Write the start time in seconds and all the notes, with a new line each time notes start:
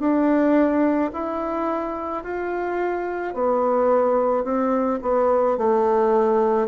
0.00 D4
1.14 E4
2.24 F4
3.34 B3
4.44 C4
5.02 B3
5.58 A3